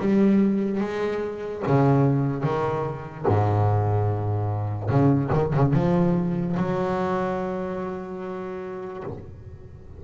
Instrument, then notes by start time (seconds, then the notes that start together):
double bass
0.00 G3
0.81 G#3
1.67 C#3
2.43 D#3
3.28 G#2
4.89 C#3
5.33 D#3
5.53 C#3
5.73 F3
6.57 F#3